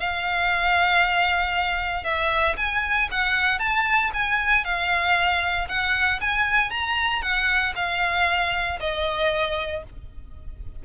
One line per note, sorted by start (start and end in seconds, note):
0.00 2.04 F5
2.04 2.56 E5
2.57 3.09 G#5
3.12 3.60 F#5
3.60 4.11 A5
4.14 4.65 G#5
4.65 5.68 F5
5.69 6.20 F#5
6.21 6.71 G#5
6.71 7.22 A#5
7.22 7.74 F#5
7.76 8.80 F5
8.80 9.84 D#5